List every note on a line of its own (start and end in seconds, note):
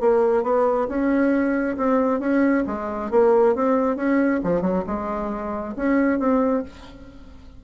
0.00 0.43 A#3
0.43 0.87 B3
0.88 1.76 C#4
1.77 2.20 C4
2.20 2.64 C#4
2.66 3.10 G#3
3.10 3.55 A#3
3.55 3.96 C4
3.96 4.40 C#4
4.43 4.61 F3
4.61 4.83 F#3
4.86 5.75 G#3
5.76 6.19 C#4
6.19 6.63 C4